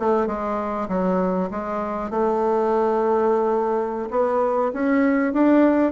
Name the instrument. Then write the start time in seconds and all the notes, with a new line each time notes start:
bassoon
0.00 A3
0.27 G#3
0.88 F#3
1.51 G#3
2.10 A3
4.11 B3
4.73 C#4
5.33 D4